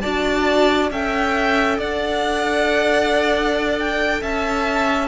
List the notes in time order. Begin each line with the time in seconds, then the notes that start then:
0.00 D4 F#4 D5 A5
0.90 C#4 A4 E5 G5
1.78 D4 D5 F#5
3.78 G5
4.21 C#4 E5 A5